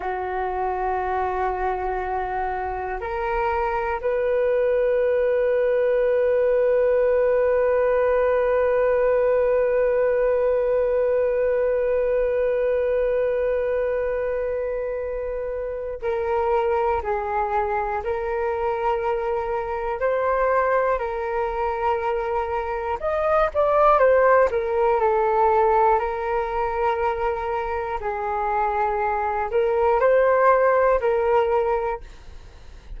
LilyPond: \new Staff \with { instrumentName = "flute" } { \time 4/4 \tempo 4 = 60 fis'2. ais'4 | b'1~ | b'1~ | b'1 |
ais'4 gis'4 ais'2 | c''4 ais'2 dis''8 d''8 | c''8 ais'8 a'4 ais'2 | gis'4. ais'8 c''4 ais'4 | }